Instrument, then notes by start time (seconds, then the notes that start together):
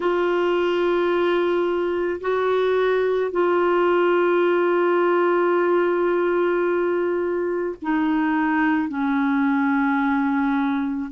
clarinet
0.00 F4
2.20 F#4
3.31 F4
7.81 D#4
8.88 C#4